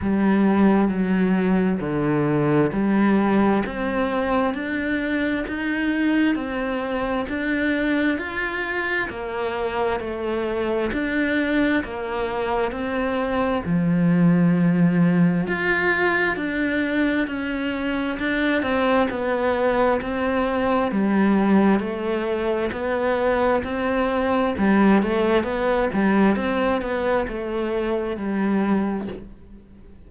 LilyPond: \new Staff \with { instrumentName = "cello" } { \time 4/4 \tempo 4 = 66 g4 fis4 d4 g4 | c'4 d'4 dis'4 c'4 | d'4 f'4 ais4 a4 | d'4 ais4 c'4 f4~ |
f4 f'4 d'4 cis'4 | d'8 c'8 b4 c'4 g4 | a4 b4 c'4 g8 a8 | b8 g8 c'8 b8 a4 g4 | }